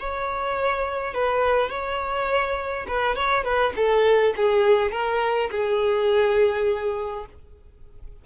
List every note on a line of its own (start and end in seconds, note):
0.00 1.14 C#5
1.14 1.70 B4
1.70 2.87 C#5
2.88 3.16 B4
3.16 3.44 C#5
3.44 3.74 B4
3.77 4.35 A4
4.37 4.92 G#4
4.92 5.50 A#4
5.51 7.26 G#4